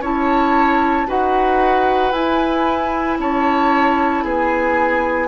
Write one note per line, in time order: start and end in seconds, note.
0.00 1.05 C#4
0.00 1.07 E4
0.00 1.07 C#5
0.00 1.10 A5
1.07 2.12 D#4
1.07 2.12 F#4
1.07 3.18 B4
1.07 2.13 F#5
2.12 3.18 E4
2.12 5.28 E4
2.12 3.18 G#5
3.19 4.24 C#4
3.19 4.25 C#5
3.19 4.24 A5
4.24 5.28 B3
4.24 5.28 G#4
4.24 5.28 G#5